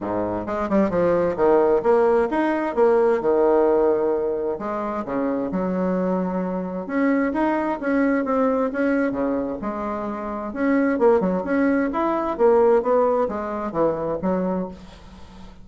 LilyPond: \new Staff \with { instrumentName = "bassoon" } { \time 4/4 \tempo 4 = 131 gis,4 gis8 g8 f4 dis4 | ais4 dis'4 ais4 dis4~ | dis2 gis4 cis4 | fis2. cis'4 |
dis'4 cis'4 c'4 cis'4 | cis4 gis2 cis'4 | ais8 fis8 cis'4 e'4 ais4 | b4 gis4 e4 fis4 | }